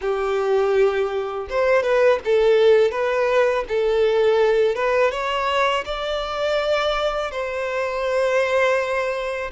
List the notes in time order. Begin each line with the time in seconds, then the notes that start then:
0.01 G4
1.49 C5
1.82 B4
2.25 A4
2.91 B4
3.68 A4
4.75 B4
5.11 C#5
5.85 D5
7.31 C5